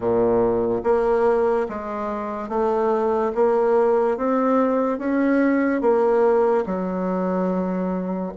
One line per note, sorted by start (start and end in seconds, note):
0.00 0.81 A#2
0.83 1.67 A#3
1.69 2.48 G#3
2.48 3.31 A3
3.34 4.17 A#3
4.17 4.98 C4
4.98 5.81 C#4
5.81 6.64 A#3
6.66 8.32 F#3